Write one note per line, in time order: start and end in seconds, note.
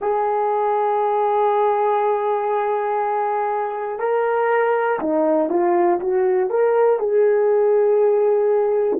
0.00 3.99 G#4
3.99 4.99 A#4
4.99 5.49 D#4
5.50 6.00 F4
6.00 6.50 F#4
6.50 6.99 A#4
6.99 8.99 G#4